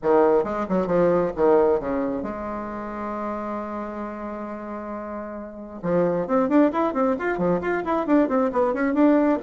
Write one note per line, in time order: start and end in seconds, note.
0.02 0.44 D#3
0.44 0.66 G#3
0.68 0.86 F#3
0.86 1.31 F3
1.36 1.80 D#3
1.80 2.22 C#3
2.22 5.80 G#3
5.82 6.27 F3
6.27 6.48 C4
6.48 6.71 D4
6.72 6.93 E4
6.93 7.16 C4
7.18 7.38 F4
7.38 7.60 F3
7.61 7.83 F4
7.84 8.06 E4
8.06 8.28 D4
8.28 8.50 C4
8.52 8.73 B3
8.73 8.93 C#4
8.93 9.38 D4